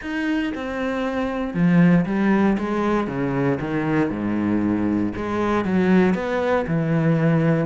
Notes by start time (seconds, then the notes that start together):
0.01 D#4
0.55 C4
1.53 F3
2.05 G3
2.58 G#3
3.07 C#3
3.60 D#3
4.10 G#2
5.15 G#3
5.64 F#3
6.14 B3
6.67 E3